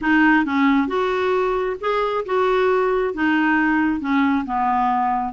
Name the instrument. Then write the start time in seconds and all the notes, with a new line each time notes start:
clarinet
0.01 D#4
0.45 C#4
0.87 F#4
1.80 G#4
2.25 F#4
3.14 D#4
4.00 C#4
4.45 B3